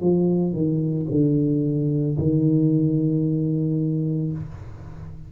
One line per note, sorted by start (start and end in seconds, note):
0.00 0.52 F3
0.52 1.06 D#3
1.10 2.17 D3
2.18 4.32 D#3